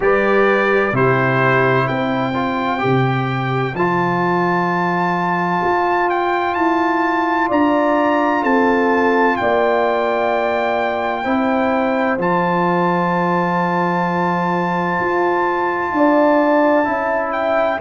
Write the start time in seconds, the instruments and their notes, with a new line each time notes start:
0.00 tuba G3, trombone G4, horn B4, trumpet D5
0.92 tuba C3, trombone E4, horn G4, trumpet C5
1.87 tuba C4, horn C5, trumpet G5
2.33 trombone F4
2.79 tuba C3, trombone G4
3.73 tuba F3, trombone F4, trumpet A5
5.63 tuba F4
6.09 trumpet G5
6.54 tuba E4, trumpet A5
7.48 tuba D4, horn D5, trumpet A#5
8.42 tuba C4, horn A4, trumpet A5
9.36 tuba A#3, horn D5, trumpet G5
11.22 tuba C4, trombone E4, horn C5
12.18 tuba F3, trombone F4, trumpet A5
14.99 tuba F4
15.92 tuba D4, horn D5
16.84 tuba C#4, trombone E4, horn E5
17.32 trumpet G5